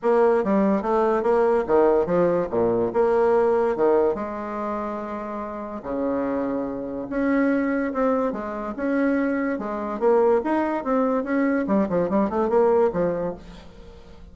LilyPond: \new Staff \with { instrumentName = "bassoon" } { \time 4/4 \tempo 4 = 144 ais4 g4 a4 ais4 | dis4 f4 ais,4 ais4~ | ais4 dis4 gis2~ | gis2 cis2~ |
cis4 cis'2 c'4 | gis4 cis'2 gis4 | ais4 dis'4 c'4 cis'4 | g8 f8 g8 a8 ais4 f4 | }